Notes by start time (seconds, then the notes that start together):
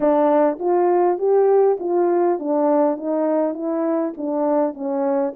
0.00 D4
0.59 F4
1.18 G4
1.79 F4
2.39 D4
2.96 D#4
3.53 E4
4.17 D4
4.74 C#4